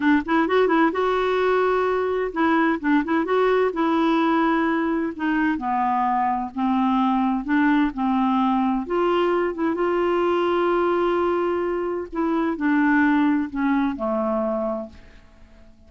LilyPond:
\new Staff \with { instrumentName = "clarinet" } { \time 4/4 \tempo 4 = 129 d'8 e'8 fis'8 e'8 fis'2~ | fis'4 e'4 d'8 e'8 fis'4 | e'2. dis'4 | b2 c'2 |
d'4 c'2 f'4~ | f'8 e'8 f'2.~ | f'2 e'4 d'4~ | d'4 cis'4 a2 | }